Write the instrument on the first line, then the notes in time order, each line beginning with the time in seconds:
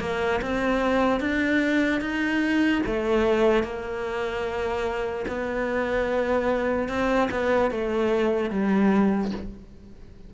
cello
0.00 A#3
0.42 C4
1.21 D4
2.01 D#4
2.86 A3
3.63 A#3
5.28 B3
6.88 C4
7.31 B3
7.71 A3
8.50 G3